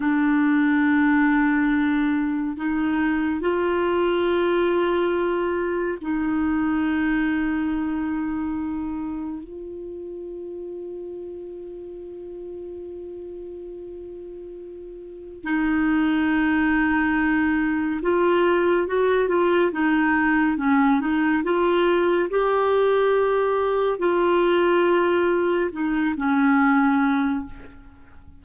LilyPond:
\new Staff \with { instrumentName = "clarinet" } { \time 4/4 \tempo 4 = 70 d'2. dis'4 | f'2. dis'4~ | dis'2. f'4~ | f'1~ |
f'2 dis'2~ | dis'4 f'4 fis'8 f'8 dis'4 | cis'8 dis'8 f'4 g'2 | f'2 dis'8 cis'4. | }